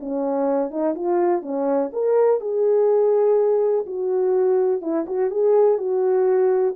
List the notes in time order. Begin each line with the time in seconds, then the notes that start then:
0.00 C#4
0.71 D#4
0.95 F4
1.42 C#4
1.92 A#4
2.41 G#4
3.86 F#4
4.81 E4
5.07 F#4
5.31 G#4
5.78 F#4